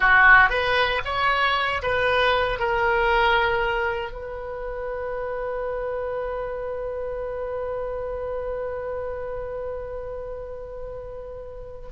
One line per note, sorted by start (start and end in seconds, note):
0.00 0.49 F#4
0.49 1.01 B4
1.04 1.82 C#5
1.82 2.59 B4
2.59 4.12 A#4
4.12 11.88 B4